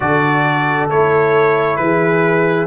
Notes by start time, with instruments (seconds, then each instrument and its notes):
0.00 tuba D3, trombone F#4, horn A4, trumpet D5
0.90 tuba A3, trombone E4, trumpet C#5
1.76 tuba E3, horn G#4, trumpet B4